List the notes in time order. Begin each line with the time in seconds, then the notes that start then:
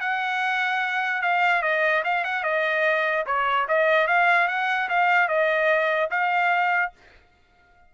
0.00 F#5
1.22 F5
1.62 D#5
2.04 F5
2.24 F#5
2.43 D#5
3.26 C#5
3.68 D#5
4.07 F5
4.48 F#5
4.89 F5
5.28 D#5
6.10 F5